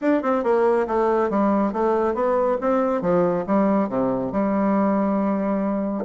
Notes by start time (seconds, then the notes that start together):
0.01 D4
0.22 C4
0.43 A#3
0.87 A3
1.30 G3
1.72 A3
2.14 B3
2.60 C4
3.01 F3
3.46 G3
3.88 C3
4.32 G3